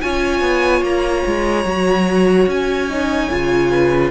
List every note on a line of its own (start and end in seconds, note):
0.00 0.40 C#4
0.00 1.64 F4
0.00 3.70 C#5
0.00 0.83 G#5
0.40 0.81 B3
0.81 1.22 A#3
0.81 2.48 A#5
1.26 1.64 G#3
1.64 2.46 F#3
1.64 2.89 F#4
2.47 3.29 C#4
2.47 4.10 G#5
2.89 3.30 D#4
3.30 4.10 C#3
3.30 4.10 F4
3.70 4.10 B4